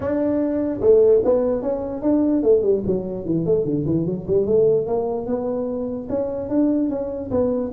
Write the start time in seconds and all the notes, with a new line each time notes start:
0.00 D4
0.81 A3
1.24 B3
1.61 C#4
2.02 D4
2.42 A3
2.62 G3
2.86 F#3
3.25 E3
3.45 A3
3.64 D3
3.86 E3
4.06 F#3
4.27 G3
4.46 A3
4.86 A#3
5.26 B3
6.09 C#4
6.49 D4
6.89 C#4
7.31 B3